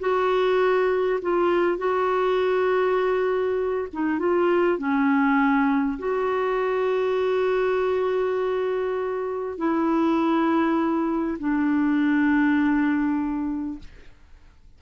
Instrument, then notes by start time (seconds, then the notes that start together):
clarinet
0.00 F#4
1.22 F4
1.78 F#4
3.93 D#4
4.19 F4
4.78 C#4
5.99 F#4
9.58 E4
11.39 D4